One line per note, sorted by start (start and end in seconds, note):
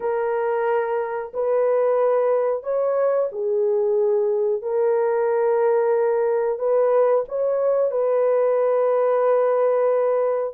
0.00 1.32 A#4
1.33 2.63 B4
2.63 3.28 C#5
3.32 4.62 G#4
4.62 6.58 A#4
6.58 7.24 B4
7.28 7.91 C#5
7.91 10.54 B4